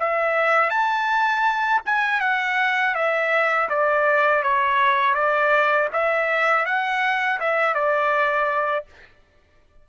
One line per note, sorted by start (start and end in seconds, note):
0.00 0.70 E5
0.70 1.81 A5
1.86 2.21 G#5
2.21 2.95 F#5
2.95 3.69 E5
3.69 4.43 D5
4.43 5.15 C#5
5.15 5.89 D5
5.93 6.66 E5
6.66 7.40 F#5
7.40 7.75 E5
7.75 8.86 D5